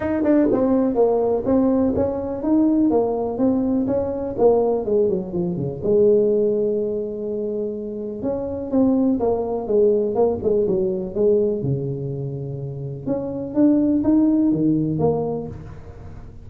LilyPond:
\new Staff \with { instrumentName = "tuba" } { \time 4/4 \tempo 4 = 124 dis'8 d'8 c'4 ais4 c'4 | cis'4 dis'4 ais4 c'4 | cis'4 ais4 gis8 fis8 f8 cis8 | gis1~ |
gis4 cis'4 c'4 ais4 | gis4 ais8 gis8 fis4 gis4 | cis2. cis'4 | d'4 dis'4 dis4 ais4 | }